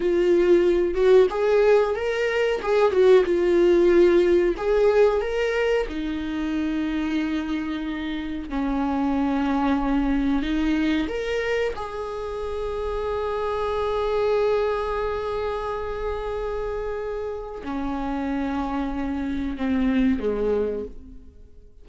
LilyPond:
\new Staff \with { instrumentName = "viola" } { \time 4/4 \tempo 4 = 92 f'4. fis'8 gis'4 ais'4 | gis'8 fis'8 f'2 gis'4 | ais'4 dis'2.~ | dis'4 cis'2. |
dis'4 ais'4 gis'2~ | gis'1~ | gis'2. cis'4~ | cis'2 c'4 gis4 | }